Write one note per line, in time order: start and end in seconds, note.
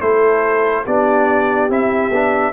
0.00 0.86 A3
0.00 0.86 E4
0.00 0.85 A4
0.00 0.85 C5
0.85 1.70 B3
0.85 1.70 D4
0.85 2.53 G4
0.85 1.71 D5
1.70 2.11 C4
1.70 2.12 E4
1.70 2.53 E5
2.11 2.53 B3
2.11 2.53 D4